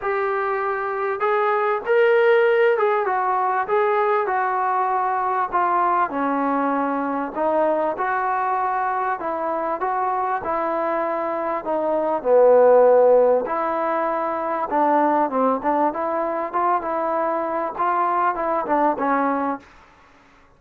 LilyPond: \new Staff \with { instrumentName = "trombone" } { \time 4/4 \tempo 4 = 98 g'2 gis'4 ais'4~ | ais'8 gis'8 fis'4 gis'4 fis'4~ | fis'4 f'4 cis'2 | dis'4 fis'2 e'4 |
fis'4 e'2 dis'4 | b2 e'2 | d'4 c'8 d'8 e'4 f'8 e'8~ | e'4 f'4 e'8 d'8 cis'4 | }